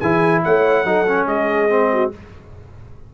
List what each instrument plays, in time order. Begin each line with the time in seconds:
0.00 tuba E3, trombone E4, horn G#4, trumpet G#5
0.44 tuba A3, horn C#5, trumpet F#5
0.85 tuba F#3, trombone D#4, horn A4
1.07 trombone C#4
1.27 tuba G#3, horn G#4, trumpet D#5
1.69 trombone C4
1.93 horn F#4